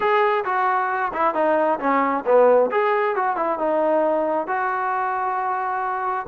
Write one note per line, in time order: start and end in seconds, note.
0.00 0.44 G#4
0.45 1.12 F#4
1.13 1.34 E4
1.34 1.79 D#4
1.79 2.24 C#4
2.25 2.70 B3
2.71 3.15 G#4
3.15 3.36 F#4
3.36 3.58 E4
3.58 4.47 D#4
4.47 6.26 F#4